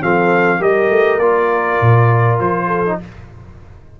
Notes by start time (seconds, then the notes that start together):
0.00 F3 C4 A4 F5
0.58 G3 G4 A#4 D#5
0.89 A3
1.18 A#3 F4 D5
1.80 A#2
2.39 F3 C5
2.66 A4
2.85 D#4